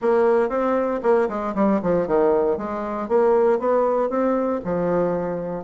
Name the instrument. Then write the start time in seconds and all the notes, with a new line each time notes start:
bassoon
0.01 A#3
0.49 C4
1.02 A#3
1.28 G#3
1.55 G3
1.82 F3
2.07 D#3
2.57 G#3
3.08 A#3
3.59 B3
4.09 C4
4.64 F3